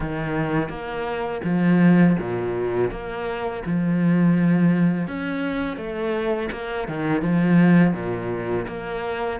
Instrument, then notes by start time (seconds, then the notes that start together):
cello
0.00 D#3
0.69 A#3
1.44 F3
2.19 A#2
2.90 A#3
3.65 F3
5.07 C#4
5.76 A3
6.51 A#3
6.88 D#3
7.21 F3
7.93 A#2
8.67 A#3